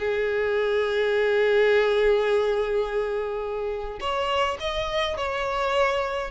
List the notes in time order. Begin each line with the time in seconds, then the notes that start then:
0.00 G#4
4.01 C#5
4.61 D#5
5.18 C#5